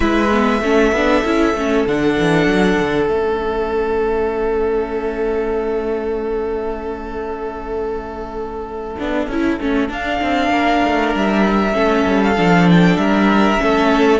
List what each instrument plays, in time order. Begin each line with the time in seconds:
0.00 cello G#3, viola E4, violin B4 E5
0.31 viola B3
0.61 cello A3, viola C#4, violin A4
0.91 cello B3, viola D4
1.24 cello C#4, viola E4
1.53 cello A3, viola C#4
1.85 cello D3, viola D4, violin F#5
2.19 cello E3
2.46 cello F#3
2.79 cello D3
3.08 cello A3, viola C#4, violin E5
8.98 cello B3, viola D4
9.27 cello C#4, viola E4
9.60 cello A3, viola C#4
9.88 viola D4, cello D4, violin F5
10.21 cello C4
10.49 cello A#3, violin A#4
10.84 cello A3
11.15 cello G3, violin E5
11.72 cello A3, viola C#4, violin A4
12.05 cello G3
12.23 violin F5
12.37 cello F3, viola D4
12.70 violin G5
12.96 cello G3, violin A#4 E5
13.57 cello A3, viola C#4, violin A4